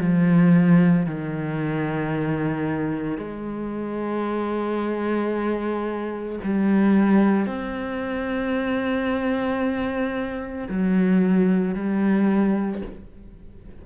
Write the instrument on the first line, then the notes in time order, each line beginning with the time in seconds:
cello
0.00 F3
1.06 D#3
3.18 G#3
6.44 G3
7.47 C4
10.69 F#3
11.75 G3